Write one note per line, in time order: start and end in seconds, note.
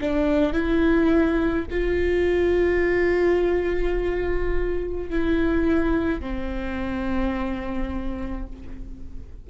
0.00 0.53 D4
0.53 1.66 E4
1.70 5.10 F4
5.10 6.21 E4
6.21 8.47 C4